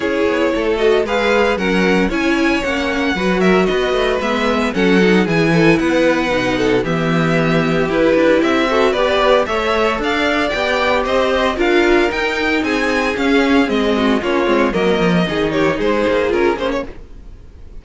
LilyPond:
<<
  \new Staff \with { instrumentName = "violin" } { \time 4/4 \tempo 4 = 114 cis''4. dis''8 f''4 fis''4 | gis''4 fis''4. e''8 dis''4 | e''4 fis''4 gis''4 fis''4~ | fis''4 e''2 b'4 |
e''4 d''4 e''4 f''4 | g''4 dis''4 f''4 g''4 | gis''4 f''4 dis''4 cis''4 | dis''4. cis''8 c''4 ais'8 c''16 cis''16 | }
  \new Staff \with { instrumentName = "violin" } { \time 4/4 gis'4 a'4 b'4 ais'4 | cis''2 b'8 ais'8 b'4~ | b'4 a'4 gis'8 a'8 b'4~ | b'8 a'8 g'2.~ |
g'8 a'8 b'4 cis''4 d''4~ | d''4 c''4 ais'2 | gis'2~ gis'8 fis'8 f'4 | ais'4 gis'8 g'8 gis'2 | }
  \new Staff \with { instrumentName = "viola" } { \time 4/4 e'4. fis'8 gis'4 cis'4 | e'4 cis'4 fis'2 | b4 cis'8 dis'8 e'2 | dis'4 b2 e'4~ |
e'8 fis'8 g'4 a'2 | g'2 f'4 dis'4~ | dis'4 cis'4 c'4 cis'8 c'8 | ais4 dis'2 f'8 cis'8 | }
  \new Staff \with { instrumentName = "cello" } { \time 4/4 cis'8 b8 a4 gis4 fis4 | cis'4 ais4 fis4 b8 a8 | gis4 fis4 e4 b4 | b,4 e2 e'8 d'8 |
c'4 b4 a4 d'4 | b4 c'4 d'4 dis'4 | c'4 cis'4 gis4 ais8 gis8 | fis8 f8 dis4 gis8 ais8 cis'8 ais8 | }
>>